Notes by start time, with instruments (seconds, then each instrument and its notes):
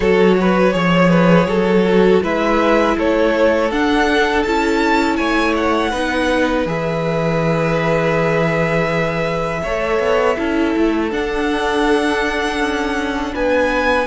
0.00 cello F#3, viola F#4, violin A4 C#5
0.40 violin B4
0.72 cello F3, viola G#4, violin C#5
1.09 violin B4
1.46 cello F#3, violin A4
1.86 viola F#4
2.22 cello G#3, viola E4, violin B4 E5
2.97 cello A3, violin A4 C#5
3.71 cello D4, viola D4, violin F#5
4.42 cello C#4, viola E4, violin A5
5.16 cello A3, violin C#5 G#5
5.56 violin F#5
5.90 cello B3, viola D#4, violin B4
6.65 cello E3, viola G#4, violin E5
9.63 cello A3, viola A4, violin C#5
9.99 cello B3
10.37 cello C#4, viola E4, violin A4
10.76 cello A3
11.11 viola D4, cello D4, violin F#5
12.59 cello C#4
13.33 cello B3, violin B4 G#5